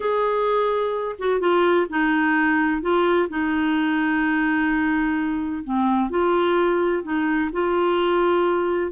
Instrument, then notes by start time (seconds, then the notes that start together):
clarinet
0.00 G#4
1.18 F#4
1.40 F4
1.89 D#4
2.81 F4
3.29 D#4
5.64 C4
6.10 F4
7.03 D#4
7.52 F4